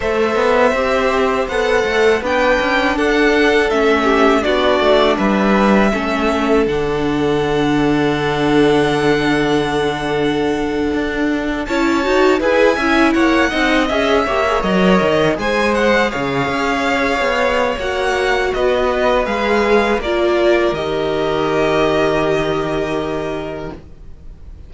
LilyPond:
<<
  \new Staff \with { instrumentName = "violin" } { \time 4/4 \tempo 4 = 81 e''2 fis''4 g''4 | fis''4 e''4 d''4 e''4~ | e''4 fis''2.~ | fis''2.~ fis''8. a''16~ |
a''8. gis''4 fis''4 e''4 dis''16~ | dis''8. gis''8 fis''8 f''2~ f''16 | fis''4 dis''4 f''4 d''4 | dis''1 | }
  \new Staff \with { instrumentName = "violin" } { \time 4/4 c''2. b'4 | a'4. g'8 fis'4 b'4 | a'1~ | a'2.~ a'8. cis''16~ |
cis''8. b'8 e''8 cis''8 dis''4 cis''8.~ | cis''8. c''4 cis''2~ cis''16~ | cis''4 b'2 ais'4~ | ais'1 | }
  \new Staff \with { instrumentName = "viola" } { \time 4/4 a'4 g'4 a'4 d'4~ | d'4 cis'4 d'2 | cis'4 d'2.~ | d'2.~ d'8. e'16~ |
e'16 fis'8 gis'8 e'4 dis'8 gis'8 g'16 gis'16 ais'16~ | ais'8. gis'2.~ gis'16 | fis'2 gis'4 f'4 | g'1 | }
  \new Staff \with { instrumentName = "cello" } { \time 4/4 a8 b8 c'4 b8 a8 b8 cis'8 | d'4 a4 b8 a8 g4 | a4 d2.~ | d2~ d8. d'4 cis'16~ |
cis'16 dis'8 e'8 cis'8 ais8 c'8 cis'8 ais8 fis16~ | fis16 dis8 gis4 cis8 cis'4 b8. | ais4 b4 gis4 ais4 | dis1 | }
>>